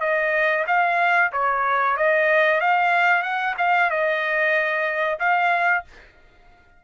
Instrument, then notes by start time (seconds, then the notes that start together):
trumpet
0.00 D#5
0.67 F5
1.32 C#5
1.97 D#5
2.60 F5
3.22 F#5
3.58 F5
3.90 D#5
5.19 F5